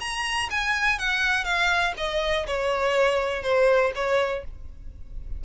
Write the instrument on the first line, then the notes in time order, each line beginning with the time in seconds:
violin
0.00 A#5
0.51 G#5
0.99 F#5
1.44 F5
1.97 D#5
2.47 C#5
3.43 C5
3.95 C#5